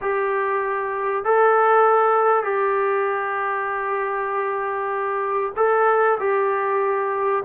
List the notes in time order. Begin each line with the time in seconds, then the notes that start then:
0.01 G4
1.24 A4
2.43 G4
5.56 A4
6.19 G4